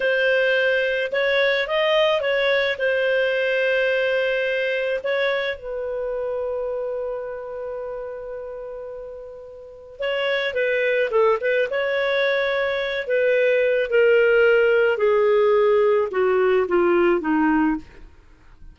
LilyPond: \new Staff \with { instrumentName = "clarinet" } { \time 4/4 \tempo 4 = 108 c''2 cis''4 dis''4 | cis''4 c''2.~ | c''4 cis''4 b'2~ | b'1~ |
b'2 cis''4 b'4 | a'8 b'8 cis''2~ cis''8 b'8~ | b'4 ais'2 gis'4~ | gis'4 fis'4 f'4 dis'4 | }